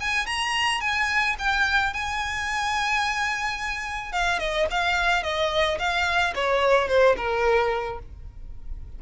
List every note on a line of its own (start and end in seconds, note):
0.00 0.26 G#5
0.26 0.81 A#5
0.81 1.36 G#5
1.38 1.93 G5
1.93 4.12 G#5
4.12 4.39 F5
4.39 4.66 D#5
4.71 5.23 F5
5.23 5.78 D#5
5.79 6.34 F5
6.35 6.88 C#5
6.88 7.16 C5
7.16 7.99 A#4